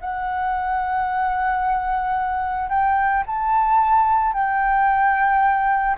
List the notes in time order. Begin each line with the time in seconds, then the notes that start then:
0.00 F#5
2.69 G5
3.26 A5
4.33 G5